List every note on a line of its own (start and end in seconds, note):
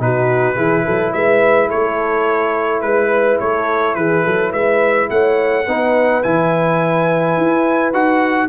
0.00 0.57 B2
0.00 0.56 D#4
0.00 0.56 F#4
0.00 1.13 B4
0.56 0.85 E3
0.56 5.65 E4
0.56 0.84 G#4
0.85 1.14 F#3
0.85 1.14 A4
1.13 1.71 G#3
1.13 1.68 B4
1.13 1.70 E5
1.68 2.83 A3
1.68 2.81 A4
1.68 2.81 C#5
2.81 3.40 G#3
2.81 3.38 B4
2.81 3.42 B4
3.40 3.96 A3
3.40 3.98 A4
3.40 3.95 C#5
3.95 4.24 E3
3.95 4.24 G#4
3.95 4.52 B4
4.24 4.53 F#3
4.24 4.52 A4
4.52 5.10 G#3
4.52 5.08 B4
4.52 5.09 E5
5.10 5.67 A3
5.10 5.66 C#5
5.10 6.23 F#5
5.66 6.24 B3
5.66 6.24 D#4
5.66 8.49 B4
6.23 7.37 E3
6.23 7.94 E4
6.23 7.93 G#5
7.37 7.93 E4
7.93 8.49 D#4
7.93 8.49 F#4
7.93 8.49 F#5